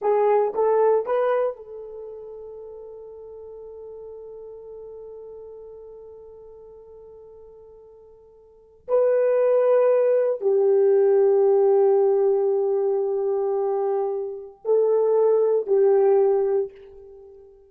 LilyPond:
\new Staff \with { instrumentName = "horn" } { \time 4/4 \tempo 4 = 115 gis'4 a'4 b'4 a'4~ | a'1~ | a'1~ | a'1~ |
a'4 b'2. | g'1~ | g'1 | a'2 g'2 | }